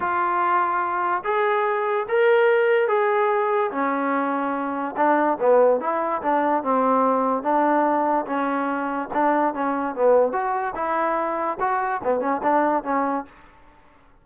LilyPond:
\new Staff \with { instrumentName = "trombone" } { \time 4/4 \tempo 4 = 145 f'2. gis'4~ | gis'4 ais'2 gis'4~ | gis'4 cis'2. | d'4 b4 e'4 d'4 |
c'2 d'2 | cis'2 d'4 cis'4 | b4 fis'4 e'2 | fis'4 b8 cis'8 d'4 cis'4 | }